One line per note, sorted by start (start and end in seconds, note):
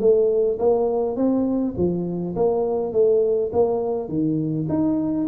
0.00 0.58 A3
0.59 1.16 A#3
1.16 1.74 C4
1.77 2.35 F3
2.36 2.93 A#3
2.93 3.51 A3
3.52 4.09 A#3
4.09 4.67 D#3
4.69 5.27 D#4